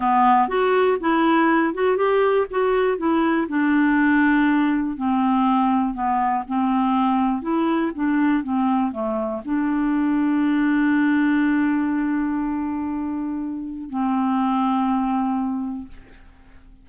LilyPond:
\new Staff \with { instrumentName = "clarinet" } { \time 4/4 \tempo 4 = 121 b4 fis'4 e'4. fis'8 | g'4 fis'4 e'4 d'4~ | d'2 c'2 | b4 c'2 e'4 |
d'4 c'4 a4 d'4~ | d'1~ | d'1 | c'1 | }